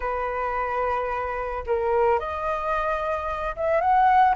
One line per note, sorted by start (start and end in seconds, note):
0.00 1.63 B4
1.66 2.19 A#4
2.19 3.55 D#5
3.56 3.81 E5
3.81 4.35 F#5